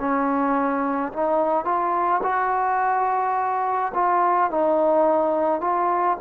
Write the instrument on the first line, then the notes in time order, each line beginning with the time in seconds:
trombone
0.00 C#4
1.13 D#4
1.65 F4
2.23 F#4
3.95 F4
4.51 D#4
5.61 F4